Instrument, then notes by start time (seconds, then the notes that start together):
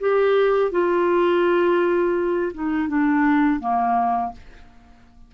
clarinet
0.00 G4
0.71 F4
2.54 D#4
2.88 D4
3.60 A#3